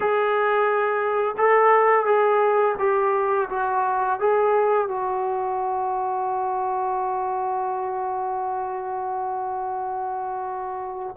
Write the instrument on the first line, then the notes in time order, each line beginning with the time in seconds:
trombone
0.00 G#4
1.37 A4
2.05 G#4
2.78 G4
3.49 F#4
4.19 G#4
4.88 F#4